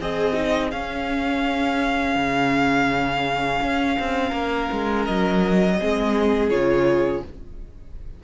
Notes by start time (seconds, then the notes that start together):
0.00 C4 G#4 D#5
0.34 D#4
0.71 C#4 F5
2.16 C#3
3.61 C#4
3.99 C4
4.29 A#3 A#4
4.72 G#3
5.05 F#3 D#5
5.79 G#3 C4 G#4
6.50 C#3 F4 C#5